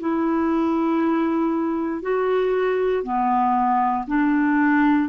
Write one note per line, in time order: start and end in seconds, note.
0.00 2.02 E4
2.02 3.04 F#4
3.04 4.05 B3
4.08 5.09 D4